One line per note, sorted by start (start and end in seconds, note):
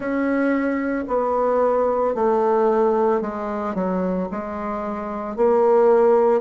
0.00 1.04 C#4
1.07 2.14 B3
2.14 3.21 A3
3.21 3.75 G#3
3.75 4.28 F#3
4.31 5.36 G#3
5.36 6.41 A#3